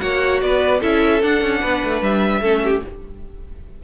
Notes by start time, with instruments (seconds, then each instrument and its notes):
0.00 cello A#3, viola F#4, violin C#5 F#5
0.42 cello B3, violin B4 D5
0.81 cello C#4, viola E4, violin A4 E5
1.23 viola D4, cello D4, violin F#5
1.42 cello C#4
1.61 cello B3, violin B4
1.84 cello A3
2.02 cello G3, violin E5
2.42 cello A3, viola C#4, violin A4
2.64 violin G4